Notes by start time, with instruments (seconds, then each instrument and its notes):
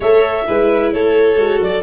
0.00 tuba A3, viola A4, violin C#5, clarinet E5
0.46 tuba G#3, viola E4, violin B4
0.92 tuba A3, violin A4, clarinet C#5
1.35 tuba G#3, viola F#4
1.60 tuba F#3, clarinet D5